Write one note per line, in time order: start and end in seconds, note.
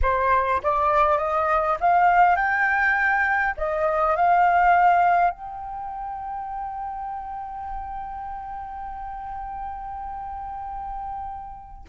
0.02 0.61 C5
0.62 1.18 D5
1.18 1.77 D#5
1.80 2.36 F5
2.36 3.55 G5
3.57 4.16 D#5
4.16 5.30 F5
5.30 11.84 G5